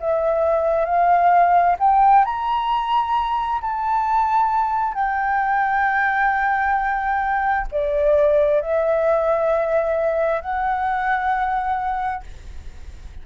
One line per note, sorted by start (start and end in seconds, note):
0.00 0.85 E5
0.85 1.76 F5
1.79 2.24 G5
2.24 3.61 A#5
3.61 4.94 A5
4.94 7.67 G5
7.71 8.61 D5
8.61 10.41 E5
10.41 12.23 F#5